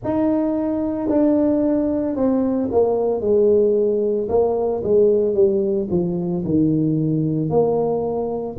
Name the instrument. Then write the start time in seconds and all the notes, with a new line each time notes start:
tuba
0.04 D#4
1.08 D4
2.15 C4
2.71 A#3
3.20 G#3
4.29 A#3
4.83 G#3
5.34 G3
5.90 F3
6.44 D#3
7.49 A#3